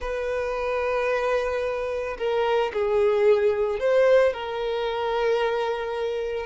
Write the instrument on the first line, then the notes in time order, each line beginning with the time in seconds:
violin
0.00 B4
2.17 A#4
2.73 G#4
3.79 C5
4.33 A#4